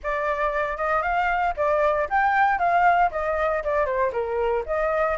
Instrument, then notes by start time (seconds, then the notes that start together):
flute
0.03 D5
0.77 D#5
1.02 F5
1.56 D5
2.09 G5
2.58 F5
3.11 D#5
3.63 D5
3.85 C5
4.12 A#4
4.66 D#5